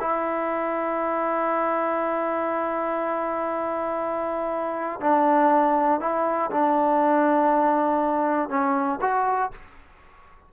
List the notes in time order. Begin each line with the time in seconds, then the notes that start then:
0.00 E4
5.00 D4
6.00 E4
6.51 D4
8.49 C#4
9.01 F#4